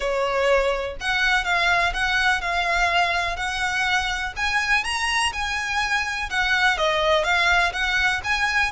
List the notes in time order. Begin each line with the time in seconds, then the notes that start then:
0.00 C#5
1.00 F#5
1.44 F5
1.93 F#5
2.41 F5
3.36 F#5
4.36 G#5
4.84 A#5
5.32 G#5
6.30 F#5
6.77 D#5
7.24 F5
7.72 F#5
8.24 G#5